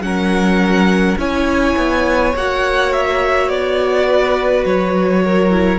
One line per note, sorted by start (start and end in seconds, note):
0.00 1.15 F#3
0.00 1.18 C#4
0.00 1.18 A#4
0.00 1.18 F#5
1.18 1.75 C#4
1.18 2.34 E4
1.18 4.07 C#5
1.18 2.36 G#5
1.77 2.35 B3
2.36 3.50 A#3
2.36 5.51 F#4
2.36 2.93 F#5
2.93 3.49 E5
3.49 4.65 B3
3.49 4.65 D5
4.07 5.23 B4
4.66 5.79 F#3
4.66 5.79 C#5
5.25 5.79 A#4
5.51 5.79 E4